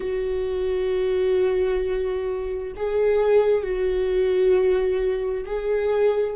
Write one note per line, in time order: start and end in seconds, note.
0.00 2.73 F#4
2.76 3.63 G#4
3.63 5.45 F#4
5.45 6.36 G#4